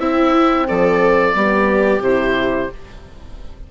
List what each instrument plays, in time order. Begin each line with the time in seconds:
0.00 bassoon C4, horn C4, viola E4, oboe E5
0.69 bassoon F3, viola A4, oboe D5
1.35 bassoon G3, horn B3, viola G4
2.01 bassoon C3, horn E4, oboe C5